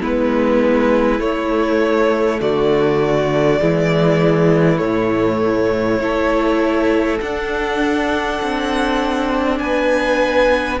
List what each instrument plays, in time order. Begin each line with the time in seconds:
0.00 cello G#3, viola B3, violin E4 B4
1.19 cello A3, viola A3, violin C#5
2.41 cello D3, violin F#4 D5
3.58 cello E3, viola G#3, violin E4
4.77 cello A2, viola A3, violin C#5
5.99 cello A3, viola E4, violin A4
7.20 viola D4, cello D4, violin F#5
8.42 cello C4
9.58 cello B3, violin B4 G#5